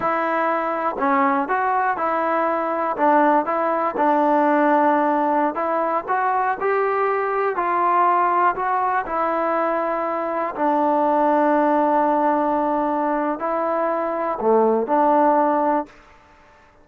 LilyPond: \new Staff \with { instrumentName = "trombone" } { \time 4/4 \tempo 4 = 121 e'2 cis'4 fis'4 | e'2 d'4 e'4 | d'2.~ d'16 e'8.~ | e'16 fis'4 g'2 f'8.~ |
f'4~ f'16 fis'4 e'4.~ e'16~ | e'4~ e'16 d'2~ d'8.~ | d'2. e'4~ | e'4 a4 d'2 | }